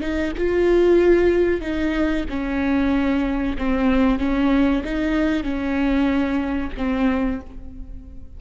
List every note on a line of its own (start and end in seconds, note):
0.00 0.32 D#4
0.37 1.61 F4
1.61 2.25 D#4
2.29 3.57 C#4
3.57 4.19 C4
4.19 4.82 C#4
4.84 5.43 D#4
5.43 6.71 C#4
6.77 7.40 C4